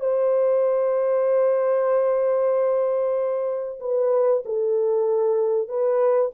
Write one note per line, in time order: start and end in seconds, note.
0.00 3.79 C5
3.80 4.43 B4
4.45 5.68 A4
5.68 6.32 B4